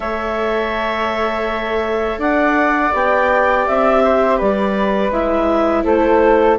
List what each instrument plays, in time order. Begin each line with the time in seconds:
0.00 bassoon A3, viola A4, flute C#5, clarinet E5
2.18 bassoon D4, flute D5, clarinet F#5
2.91 bassoon B3, viola G4, clarinet G5
3.66 bassoon C4, clarinet E5
4.04 flute C5
4.37 bassoon G3, flute B4, clarinet D5
5.10 bassoon G#3, viola E4, clarinet E5
5.83 bassoon A3, flute A4, clarinet C5